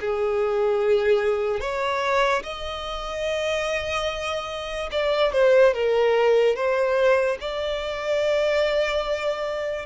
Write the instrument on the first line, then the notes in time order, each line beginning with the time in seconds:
violin
0.00 G#4
1.60 C#5
2.43 D#5
4.91 D5
5.33 C5
5.74 A#4
6.56 C5
7.40 D5